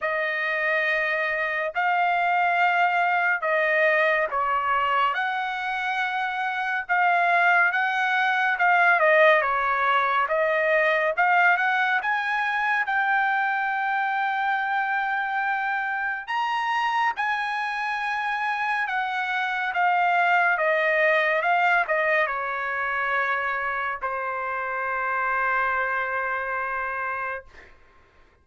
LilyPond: \new Staff \with { instrumentName = "trumpet" } { \time 4/4 \tempo 4 = 70 dis''2 f''2 | dis''4 cis''4 fis''2 | f''4 fis''4 f''8 dis''8 cis''4 | dis''4 f''8 fis''8 gis''4 g''4~ |
g''2. ais''4 | gis''2 fis''4 f''4 | dis''4 f''8 dis''8 cis''2 | c''1 | }